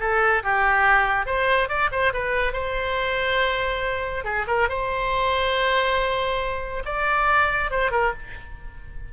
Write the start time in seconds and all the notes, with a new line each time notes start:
0.00 A4
0.43 G4
1.26 C5
1.69 D5
1.92 C5
2.13 B4
2.53 C5
4.25 G#4
4.47 A#4
4.69 C5
6.85 D5
7.71 C5
7.91 A#4